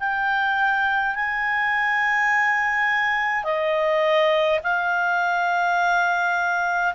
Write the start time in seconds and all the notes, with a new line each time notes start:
0.00 G5
1.15 G#5
3.45 D#5
4.64 F5